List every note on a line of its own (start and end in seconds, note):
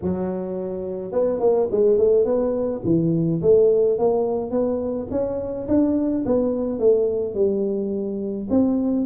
0.02 1.12 F#3
1.12 1.40 B3
1.40 1.68 A#3
1.71 1.98 G#3
1.98 2.24 A3
2.24 2.81 B3
2.84 3.41 E3
3.41 3.98 A3
3.98 4.50 A#3
4.50 5.07 B3
5.10 5.67 C#4
5.68 6.24 D4
6.25 6.79 B3
6.79 7.34 A3
7.34 8.47 G3
8.50 9.06 C4